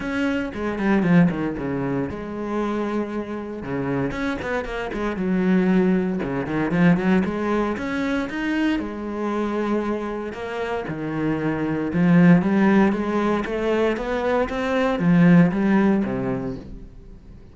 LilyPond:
\new Staff \with { instrumentName = "cello" } { \time 4/4 \tempo 4 = 116 cis'4 gis8 g8 f8 dis8 cis4 | gis2. cis4 | cis'8 b8 ais8 gis8 fis2 | cis8 dis8 f8 fis8 gis4 cis'4 |
dis'4 gis2. | ais4 dis2 f4 | g4 gis4 a4 b4 | c'4 f4 g4 c4 | }